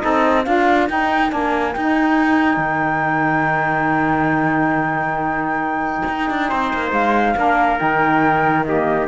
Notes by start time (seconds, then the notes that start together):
0.00 C4 D#4 A4 D#5
0.44 D4 F4 A#4 F5
0.88 D#4 G5
1.29 A#3 D4 G#5
1.73 D#4 G5
2.57 D#3
6.08 D#4
6.30 D4
6.49 C4 C5
6.74 A#3
6.91 G#3 F5
7.36 A#3 D4 A#4
7.78 D#3 D#4 G5
8.64 A#3 G4 D#5